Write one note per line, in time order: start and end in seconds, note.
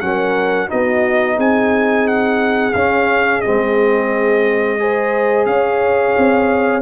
0.00 0.69 F#3
0.00 0.68 C#4
0.00 0.68 A#4
0.00 0.68 F#5
0.68 1.38 B3
0.68 2.72 D#4
0.68 1.35 F#4
0.68 1.38 D#5
1.35 2.74 C4
1.35 4.76 G#4
1.35 2.07 G#5
2.07 2.73 F#5
2.73 3.42 C#4
2.73 3.43 C#4
2.73 3.41 F5
3.41 5.45 G#3
3.41 4.79 C4
3.41 5.45 D#5
4.79 6.81 G#4
4.79 5.48 C5
5.45 6.14 C#4
5.45 6.81 C#5
5.45 6.81 F5
6.17 6.81 C4